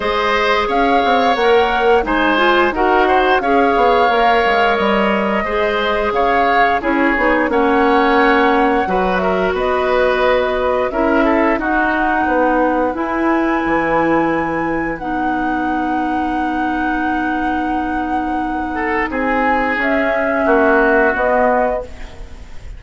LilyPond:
<<
  \new Staff \with { instrumentName = "flute" } { \time 4/4 \tempo 4 = 88 dis''4 f''4 fis''4 gis''4 | fis''4 f''2 dis''4~ | dis''4 f''4 cis''4 fis''4~ | fis''4. e''8 dis''2 |
e''4 fis''2 gis''4~ | gis''2 fis''2~ | fis''1 | gis''4 e''2 dis''4 | }
  \new Staff \with { instrumentName = "oboe" } { \time 4/4 c''4 cis''2 c''4 | ais'8 c''8 cis''2. | c''4 cis''4 gis'4 cis''4~ | cis''4 b'8 ais'8 b'2 |
ais'8 a'8 fis'4 b'2~ | b'1~ | b'2.~ b'8 a'8 | gis'2 fis'2 | }
  \new Staff \with { instrumentName = "clarinet" } { \time 4/4 gis'2 ais'4 dis'8 f'8 | fis'4 gis'4 ais'2 | gis'2 e'8 dis'8 cis'4~ | cis'4 fis'2. |
e'4 dis'2 e'4~ | e'2 dis'2~ | dis'1~ | dis'4 cis'2 b4 | }
  \new Staff \with { instrumentName = "bassoon" } { \time 4/4 gis4 cis'8 c'8 ais4 gis4 | dis'4 cis'8 b8 ais8 gis8 g4 | gis4 cis4 cis'8 b8 ais4~ | ais4 fis4 b2 |
cis'4 dis'4 b4 e'4 | e2 b2~ | b1 | c'4 cis'4 ais4 b4 | }
>>